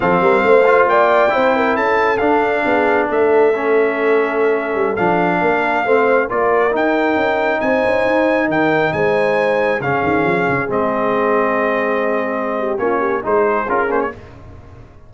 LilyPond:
<<
  \new Staff \with { instrumentName = "trumpet" } { \time 4/4 \tempo 4 = 136 f''2 g''2 | a''4 f''2 e''4~ | e''2.~ e''16 f''8.~ | f''2~ f''16 d''4 g''8.~ |
g''4~ g''16 gis''2 g''8.~ | g''16 gis''2 f''4.~ f''16~ | f''16 dis''2.~ dis''8.~ | dis''4 cis''4 c''4 ais'8 c''16 cis''16 | }
  \new Staff \with { instrumentName = "horn" } { \time 4/4 a'8 ais'8 c''4 d''4 c''8 ais'8 | a'2 gis'4 a'4~ | a'1~ | a'16 ais'4 c''4 ais'4.~ ais'16~ |
ais'4~ ais'16 c''2 ais'8.~ | ais'16 c''2 gis'4.~ gis'16~ | gis'1~ | gis'8 g'8 f'8 g'8 gis'2 | }
  \new Staff \with { instrumentName = "trombone" } { \time 4/4 c'4. f'4. e'4~ | e'4 d'2. | cis'2.~ cis'16 d'8.~ | d'4~ d'16 c'4 f'4 dis'8.~ |
dis'1~ | dis'2~ dis'16 cis'4.~ cis'16~ | cis'16 c'2.~ c'8.~ | c'4 cis'4 dis'4 f'8 cis'8 | }
  \new Staff \with { instrumentName = "tuba" } { \time 4/4 f8 g8 a4 ais4 c'4 | cis'4 d'4 b4 a4~ | a2~ a8. g8 f8.~ | f16 ais4 a4 ais4 dis'8.~ |
dis'16 cis'4 c'8 cis'8 dis'4 dis8.~ | dis16 gis2 cis8 dis8 f8 cis16~ | cis16 gis2.~ gis8.~ | gis4 ais4 gis4 cis'8 ais8 | }
>>